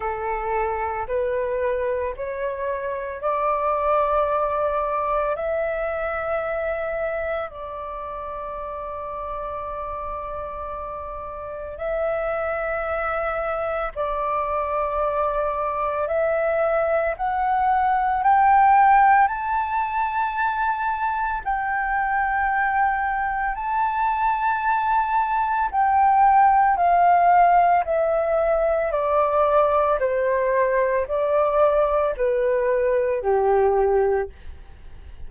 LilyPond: \new Staff \with { instrumentName = "flute" } { \time 4/4 \tempo 4 = 56 a'4 b'4 cis''4 d''4~ | d''4 e''2 d''4~ | d''2. e''4~ | e''4 d''2 e''4 |
fis''4 g''4 a''2 | g''2 a''2 | g''4 f''4 e''4 d''4 | c''4 d''4 b'4 g'4 | }